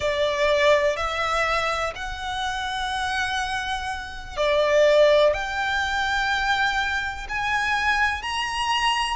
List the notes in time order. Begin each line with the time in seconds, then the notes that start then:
0.00 D5
0.96 E5
1.95 F#5
4.37 D5
5.33 G5
7.28 G#5
8.22 A#5